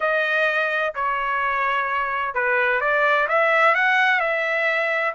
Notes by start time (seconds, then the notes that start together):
0.00 D#5
0.94 C#5
2.34 B4
2.80 D5
3.28 E5
3.74 F#5
4.20 E5